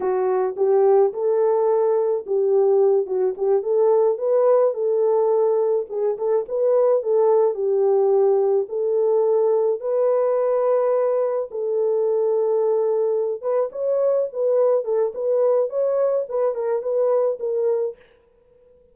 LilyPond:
\new Staff \with { instrumentName = "horn" } { \time 4/4 \tempo 4 = 107 fis'4 g'4 a'2 | g'4. fis'8 g'8 a'4 b'8~ | b'8 a'2 gis'8 a'8 b'8~ | b'8 a'4 g'2 a'8~ |
a'4. b'2~ b'8~ | b'8 a'2.~ a'8 | b'8 cis''4 b'4 a'8 b'4 | cis''4 b'8 ais'8 b'4 ais'4 | }